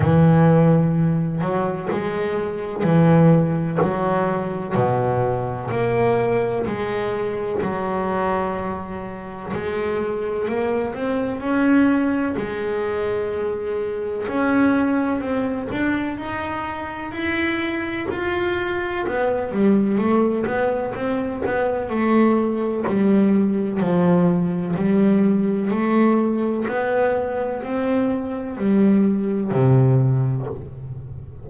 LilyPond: \new Staff \with { instrumentName = "double bass" } { \time 4/4 \tempo 4 = 63 e4. fis8 gis4 e4 | fis4 b,4 ais4 gis4 | fis2 gis4 ais8 c'8 | cis'4 gis2 cis'4 |
c'8 d'8 dis'4 e'4 f'4 | b8 g8 a8 b8 c'8 b8 a4 | g4 f4 g4 a4 | b4 c'4 g4 c4 | }